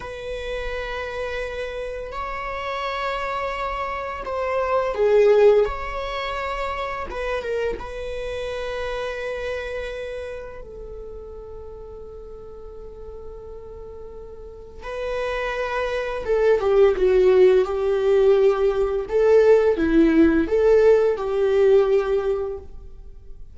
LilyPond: \new Staff \with { instrumentName = "viola" } { \time 4/4 \tempo 4 = 85 b'2. cis''4~ | cis''2 c''4 gis'4 | cis''2 b'8 ais'8 b'4~ | b'2. a'4~ |
a'1~ | a'4 b'2 a'8 g'8 | fis'4 g'2 a'4 | e'4 a'4 g'2 | }